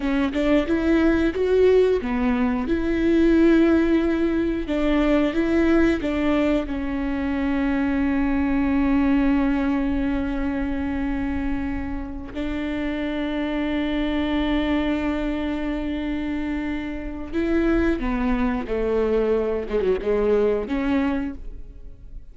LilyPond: \new Staff \with { instrumentName = "viola" } { \time 4/4 \tempo 4 = 90 cis'8 d'8 e'4 fis'4 b4 | e'2. d'4 | e'4 d'4 cis'2~ | cis'1~ |
cis'2~ cis'8 d'4.~ | d'1~ | d'2 e'4 b4 | a4. gis16 fis16 gis4 cis'4 | }